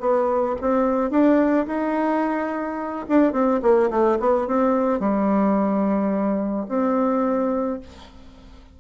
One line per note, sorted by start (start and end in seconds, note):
0.00 0.56 B3
0.61 1.11 C4
1.11 1.66 D4
1.67 3.06 D#4
3.08 3.33 D4
3.33 3.60 C4
3.62 3.90 A#3
3.90 4.18 A3
4.20 4.47 B3
4.47 4.99 C4
4.99 6.66 G3
6.69 7.80 C4